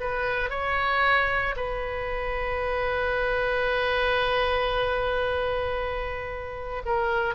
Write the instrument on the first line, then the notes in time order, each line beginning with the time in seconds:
oboe
0.00 B4
0.50 C#5
1.56 B4
6.85 A#4